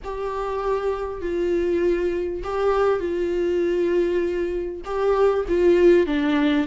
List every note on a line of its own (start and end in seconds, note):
0.03 1.21 G4
1.21 2.42 F4
2.43 2.99 G4
2.99 4.81 F4
4.84 5.45 G4
5.48 6.06 F4
6.06 6.67 D4